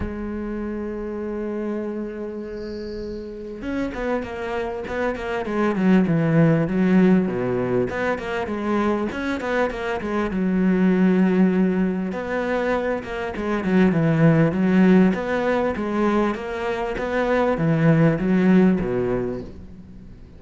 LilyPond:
\new Staff \with { instrumentName = "cello" } { \time 4/4 \tempo 4 = 99 gis1~ | gis2 cis'8 b8 ais4 | b8 ais8 gis8 fis8 e4 fis4 | b,4 b8 ais8 gis4 cis'8 b8 |
ais8 gis8 fis2. | b4. ais8 gis8 fis8 e4 | fis4 b4 gis4 ais4 | b4 e4 fis4 b,4 | }